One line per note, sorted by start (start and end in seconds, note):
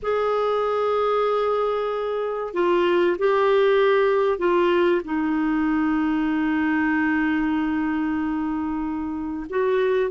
0.02 2.53 G#4
2.53 3.16 F4
3.18 4.38 G4
4.38 5.01 F4
5.04 9.46 D#4
9.49 10.10 F#4